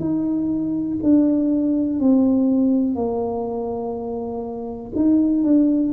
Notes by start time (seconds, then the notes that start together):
0.00 D#4
1.03 D4
2.00 C4
2.96 A#3
4.96 D#4
5.44 D4